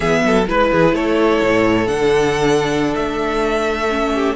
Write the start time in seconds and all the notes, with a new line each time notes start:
0.00 E3 B3 G#4 E5
0.24 F#3 A4
0.47 G#3 E4 B4
0.71 E3 G#4
0.92 A3 A4 C#5
1.41 A2
1.86 D3 D4 F#5
2.95 A3 E5
3.89 C#4
4.14 G4